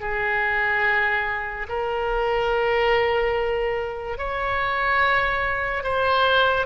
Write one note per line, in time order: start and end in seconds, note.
0.00 1.67 G#4
1.68 4.17 A#4
4.17 5.83 C#5
5.83 6.66 C5